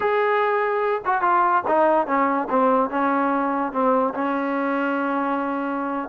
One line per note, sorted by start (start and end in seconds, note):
0.00 1.01 G#4
1.05 1.21 F#4
1.21 1.63 F4
1.67 2.06 D#4
2.06 2.48 C#4
2.49 2.89 C4
2.89 3.72 C#4
3.72 4.13 C4
4.14 6.08 C#4